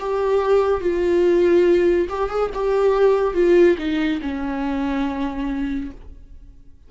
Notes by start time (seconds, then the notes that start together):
0.00 G4
0.81 F4
2.09 G4
2.30 G#4
2.54 G4
3.34 F4
3.78 D#4
4.22 C#4